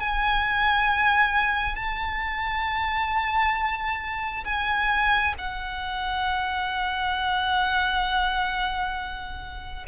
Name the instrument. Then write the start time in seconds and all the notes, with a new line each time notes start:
violin
0.00 G#5
1.76 A5
4.45 G#5
5.39 F#5